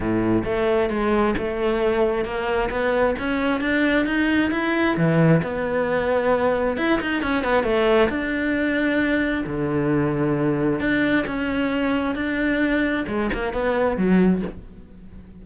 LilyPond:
\new Staff \with { instrumentName = "cello" } { \time 4/4 \tempo 4 = 133 a,4 a4 gis4 a4~ | a4 ais4 b4 cis'4 | d'4 dis'4 e'4 e4 | b2. e'8 dis'8 |
cis'8 b8 a4 d'2~ | d'4 d2. | d'4 cis'2 d'4~ | d'4 gis8 ais8 b4 fis4 | }